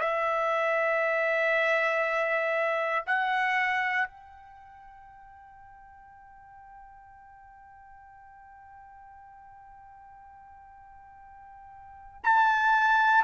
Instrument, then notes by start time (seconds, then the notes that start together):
trumpet
0.00 E5
3.06 F#5
4.08 G5
12.24 A5